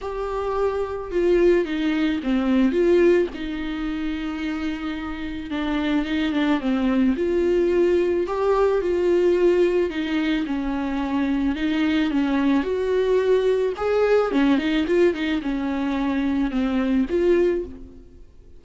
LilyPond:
\new Staff \with { instrumentName = "viola" } { \time 4/4 \tempo 4 = 109 g'2 f'4 dis'4 | c'4 f'4 dis'2~ | dis'2 d'4 dis'8 d'8 | c'4 f'2 g'4 |
f'2 dis'4 cis'4~ | cis'4 dis'4 cis'4 fis'4~ | fis'4 gis'4 cis'8 dis'8 f'8 dis'8 | cis'2 c'4 f'4 | }